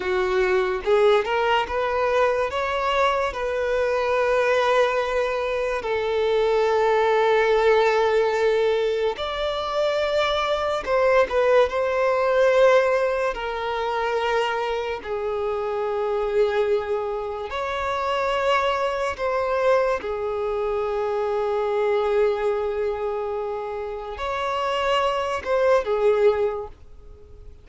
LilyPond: \new Staff \with { instrumentName = "violin" } { \time 4/4 \tempo 4 = 72 fis'4 gis'8 ais'8 b'4 cis''4 | b'2. a'4~ | a'2. d''4~ | d''4 c''8 b'8 c''2 |
ais'2 gis'2~ | gis'4 cis''2 c''4 | gis'1~ | gis'4 cis''4. c''8 gis'4 | }